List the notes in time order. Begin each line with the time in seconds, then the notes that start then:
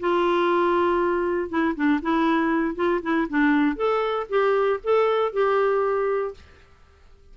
0.00 F4
1.49 E4
1.75 D4
2.02 E4
2.75 F4
3.02 E4
3.29 D4
3.76 A4
4.29 G4
4.84 A4
5.33 G4